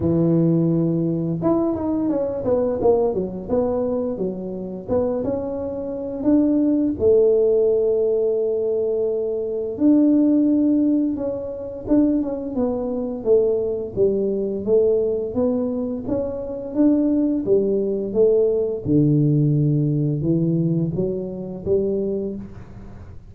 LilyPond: \new Staff \with { instrumentName = "tuba" } { \time 4/4 \tempo 4 = 86 e2 e'8 dis'8 cis'8 b8 | ais8 fis8 b4 fis4 b8 cis'8~ | cis'4 d'4 a2~ | a2 d'2 |
cis'4 d'8 cis'8 b4 a4 | g4 a4 b4 cis'4 | d'4 g4 a4 d4~ | d4 e4 fis4 g4 | }